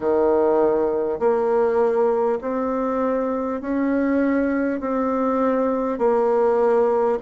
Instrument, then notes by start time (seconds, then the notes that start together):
bassoon
0.00 D#3
1.19 A#3
2.41 C4
3.61 C#4
4.80 C4
5.98 A#3